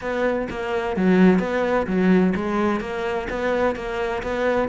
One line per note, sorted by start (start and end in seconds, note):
0.01 0.48 B3
0.49 0.96 A#3
0.96 1.39 F#3
1.39 1.86 B3
1.86 2.33 F#3
2.35 2.80 G#3
2.80 3.27 A#3
3.29 3.75 B3
3.75 4.22 A#3
4.23 4.68 B3